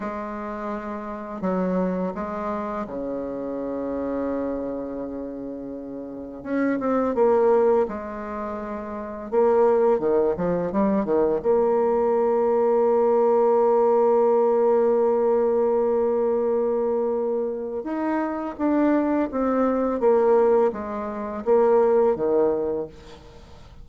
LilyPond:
\new Staff \with { instrumentName = "bassoon" } { \time 4/4 \tempo 4 = 84 gis2 fis4 gis4 | cis1~ | cis4 cis'8 c'8 ais4 gis4~ | gis4 ais4 dis8 f8 g8 dis8 |
ais1~ | ais1~ | ais4 dis'4 d'4 c'4 | ais4 gis4 ais4 dis4 | }